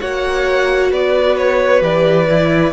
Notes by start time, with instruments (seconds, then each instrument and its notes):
0.00 cello A#3, viola F#4, violin C#5 F#5
0.91 cello B3, violin B4 D5
1.37 violin C#5
1.81 cello E3, viola G4, violin D5
2.27 viola E4